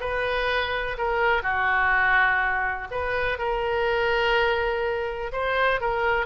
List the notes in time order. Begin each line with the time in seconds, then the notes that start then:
0.00 B4
0.97 A#4
1.42 F#4
2.91 B4
3.38 A#4
5.32 C5
5.80 A#4